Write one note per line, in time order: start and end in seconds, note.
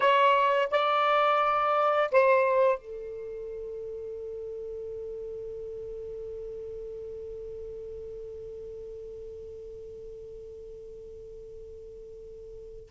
0.00 0.68 C#5
0.70 2.10 D5
2.11 2.78 C5
2.78 12.90 A4